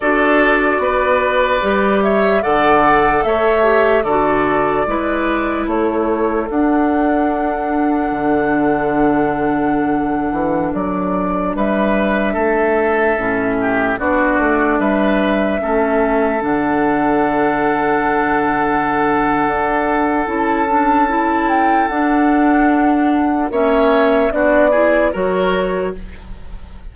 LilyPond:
<<
  \new Staff \with { instrumentName = "flute" } { \time 4/4 \tempo 4 = 74 d''2~ d''8 e''8 fis''4 | e''4 d''2 cis''4 | fis''1~ | fis''4~ fis''16 d''4 e''4.~ e''16~ |
e''4~ e''16 d''4 e''4.~ e''16~ | e''16 fis''2.~ fis''8.~ | fis''4 a''4. g''8 fis''4~ | fis''4 e''4 d''4 cis''4 | }
  \new Staff \with { instrumentName = "oboe" } { \time 4/4 a'4 b'4. cis''8 d''4 | cis''4 a'4 b'4 a'4~ | a'1~ | a'2~ a'16 b'4 a'8.~ |
a'8. g'8 fis'4 b'4 a'8.~ | a'1~ | a'1~ | a'4 cis''4 fis'8 gis'8 ais'4 | }
  \new Staff \with { instrumentName = "clarinet" } { \time 4/4 fis'2 g'4 a'4~ | a'8 g'8 fis'4 e'2 | d'1~ | d'1~ |
d'16 cis'4 d'2 cis'8.~ | cis'16 d'2.~ d'8.~ | d'4 e'8 d'8 e'4 d'4~ | d'4 cis'4 d'8 e'8 fis'4 | }
  \new Staff \with { instrumentName = "bassoon" } { \time 4/4 d'4 b4 g4 d4 | a4 d4 gis4 a4 | d'2 d2~ | d8. e8 fis4 g4 a8.~ |
a16 a,4 b8 a8 g4 a8.~ | a16 d2.~ d8. | d'4 cis'2 d'4~ | d'4 ais4 b4 fis4 | }
>>